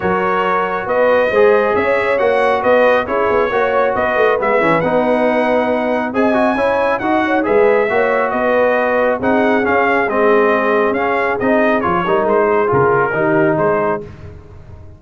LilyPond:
<<
  \new Staff \with { instrumentName = "trumpet" } { \time 4/4 \tempo 4 = 137 cis''2 dis''2 | e''4 fis''4 dis''4 cis''4~ | cis''4 dis''4 e''4 fis''4~ | fis''2 gis''2 |
fis''4 e''2 dis''4~ | dis''4 fis''4 f''4 dis''4~ | dis''4 f''4 dis''4 cis''4 | c''4 ais'2 c''4 | }
  \new Staff \with { instrumentName = "horn" } { \time 4/4 ais'2 b'4 c''4 | cis''2 b'4 gis'4 | cis''4 b'2.~ | b'2 dis''4 cis''4 |
dis''8 cis''8 b'4 cis''4 b'4~ | b'4 gis'2.~ | gis'2.~ gis'8 ais'8~ | ais'8 gis'4. g'4 gis'4 | }
  \new Staff \with { instrumentName = "trombone" } { \time 4/4 fis'2. gis'4~ | gis'4 fis'2 e'4 | fis'2 b8 cis'8 dis'4~ | dis'2 gis'8 fis'8 e'4 |
fis'4 gis'4 fis'2~ | fis'4 dis'4 cis'4 c'4~ | c'4 cis'4 dis'4 f'8 dis'8~ | dis'4 f'4 dis'2 | }
  \new Staff \with { instrumentName = "tuba" } { \time 4/4 fis2 b4 gis4 | cis'4 ais4 b4 cis'8 b8 | ais4 b8 a8 gis8 e8 b4~ | b2 c'4 cis'4 |
dis'4 gis4 ais4 b4~ | b4 c'4 cis'4 gis4~ | gis4 cis'4 c'4 f8 g8 | gis4 cis4 dis4 gis4 | }
>>